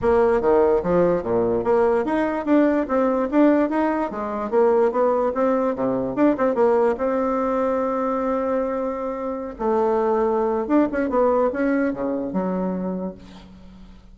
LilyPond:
\new Staff \with { instrumentName = "bassoon" } { \time 4/4 \tempo 4 = 146 ais4 dis4 f4 ais,4 | ais4 dis'4 d'4 c'4 | d'4 dis'4 gis4 ais4 | b4 c'4 c4 d'8 c'8 |
ais4 c'2.~ | c'2.~ c'16 a8.~ | a2 d'8 cis'8 b4 | cis'4 cis4 fis2 | }